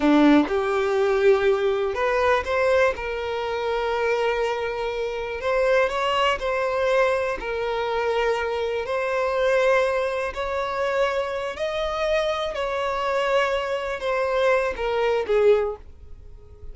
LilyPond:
\new Staff \with { instrumentName = "violin" } { \time 4/4 \tempo 4 = 122 d'4 g'2. | b'4 c''4 ais'2~ | ais'2. c''4 | cis''4 c''2 ais'4~ |
ais'2 c''2~ | c''4 cis''2~ cis''8 dis''8~ | dis''4. cis''2~ cis''8~ | cis''8 c''4. ais'4 gis'4 | }